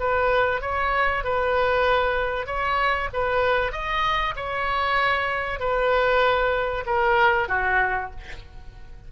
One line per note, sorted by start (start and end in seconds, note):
0.00 0.62 B4
0.62 1.24 C#5
1.24 2.47 B4
2.47 3.09 C#5
3.14 3.72 B4
3.72 4.35 D#5
4.37 5.60 C#5
5.60 6.85 B4
6.86 7.49 A#4
7.49 8.11 F#4